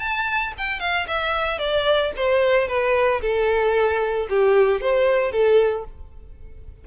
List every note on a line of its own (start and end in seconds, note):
0.00 0.53 A5
0.58 0.80 G5
0.80 1.07 F5
1.08 1.59 E5
1.59 2.12 D5
2.17 2.68 C5
2.68 3.21 B4
3.22 4.28 A4
4.30 4.81 G4
4.81 5.32 C5
5.32 5.85 A4